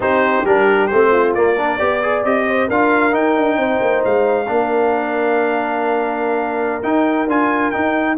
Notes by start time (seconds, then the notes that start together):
0.00 C4 D#4 G4 C5
0.44 G3 D4 A#4
0.87 A3 C4 C5
1.11 F4
1.34 A#3 D5
1.56 D4 A#4
1.77 B3 G4 D5
2.02 G#4
2.24 C4 G4 D#5
2.46 C5
2.67 D4 F4 A#4 F5
3.11 D#4 G5
3.36 D4
3.57 C4 C5
3.80 A#3
4.04 G#3 F5
4.47 A#3 D4 A#4
6.82 D#4 G5
7.27 D4 F4 G#5
7.70 D#4 G5